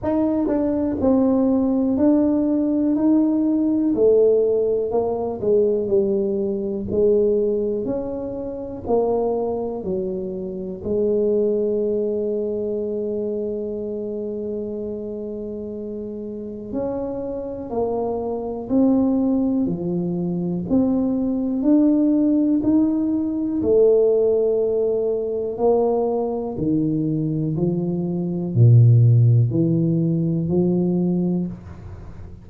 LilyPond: \new Staff \with { instrumentName = "tuba" } { \time 4/4 \tempo 4 = 61 dis'8 d'8 c'4 d'4 dis'4 | a4 ais8 gis8 g4 gis4 | cis'4 ais4 fis4 gis4~ | gis1~ |
gis4 cis'4 ais4 c'4 | f4 c'4 d'4 dis'4 | a2 ais4 dis4 | f4 ais,4 e4 f4 | }